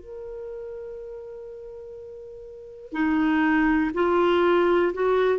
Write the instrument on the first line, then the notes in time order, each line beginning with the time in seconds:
clarinet
0.00 A#4
2.92 D#4
3.94 F4
4.94 F#4